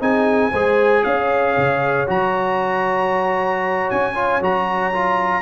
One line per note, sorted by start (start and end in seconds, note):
0.00 0.52 C4
0.00 0.52 D#4
0.00 0.51 G#4
0.00 1.04 G#5
0.51 1.04 G#3
0.51 2.07 G#4
0.51 1.03 C5
1.04 1.57 C#4
1.04 5.42 C#5
1.04 2.07 F5
1.57 2.09 C#3
2.07 3.90 F#3
2.07 4.14 F#4
2.07 3.90 A#5
3.90 4.41 C#4
3.90 4.42 G#5
4.15 4.41 F4
4.41 5.42 F#3
4.41 4.93 F#4
4.41 5.42 A#5
4.93 5.42 F4